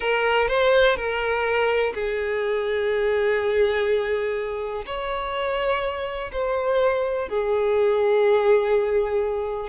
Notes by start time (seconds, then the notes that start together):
0.00 A#4
0.48 C5
0.96 A#4
1.94 G#4
4.86 C#5
6.31 C5
7.28 G#4